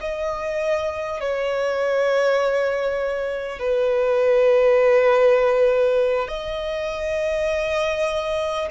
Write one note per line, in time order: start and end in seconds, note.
0.00 1.20 D#5
1.20 3.59 C#5
3.59 6.28 B4
6.28 8.68 D#5